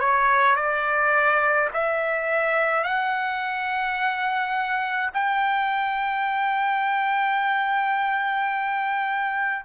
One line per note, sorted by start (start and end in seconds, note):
0.00 0.56 C#5
0.56 1.69 D5
1.74 2.85 E5
2.85 5.11 F#5
5.14 9.65 G5